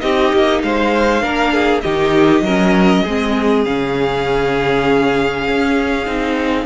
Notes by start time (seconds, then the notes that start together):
0.00 C4 D#4 G4 D#5
0.33 A#3
0.62 G#3 C5 F5
1.21 A#3 D4 A#4
1.53 G#4
1.80 D#3 D#4 G4 D#5
2.41 F#3 C#4 A#4
3.03 G#3 C4 G#4
3.65 C#3 C#4 F5
5.48 C#4
6.06 C4 D#4